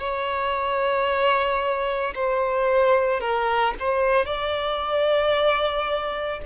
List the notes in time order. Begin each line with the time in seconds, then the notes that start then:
0.00 C#5
2.15 C5
3.20 A#4
3.80 C5
4.26 D5